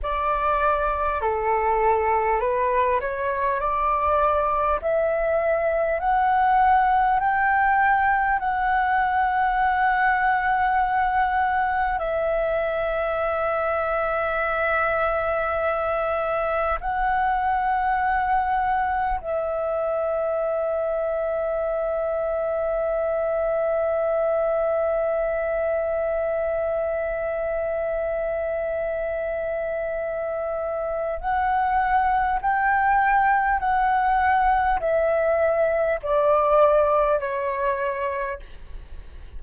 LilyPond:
\new Staff \with { instrumentName = "flute" } { \time 4/4 \tempo 4 = 50 d''4 a'4 b'8 cis''8 d''4 | e''4 fis''4 g''4 fis''4~ | fis''2 e''2~ | e''2 fis''2 |
e''1~ | e''1~ | e''2 fis''4 g''4 | fis''4 e''4 d''4 cis''4 | }